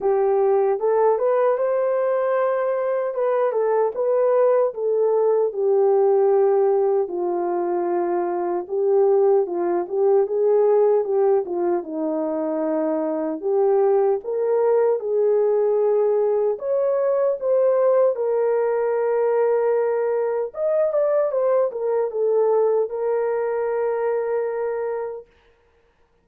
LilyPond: \new Staff \with { instrumentName = "horn" } { \time 4/4 \tempo 4 = 76 g'4 a'8 b'8 c''2 | b'8 a'8 b'4 a'4 g'4~ | g'4 f'2 g'4 | f'8 g'8 gis'4 g'8 f'8 dis'4~ |
dis'4 g'4 ais'4 gis'4~ | gis'4 cis''4 c''4 ais'4~ | ais'2 dis''8 d''8 c''8 ais'8 | a'4 ais'2. | }